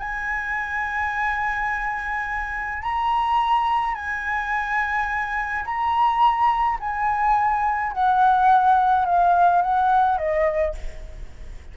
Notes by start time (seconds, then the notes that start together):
0.00 G#5
2.83 A#5
3.95 G#5
5.66 A#5
6.80 G#5
7.93 F#5
9.06 F5
9.62 F#5
10.19 D#5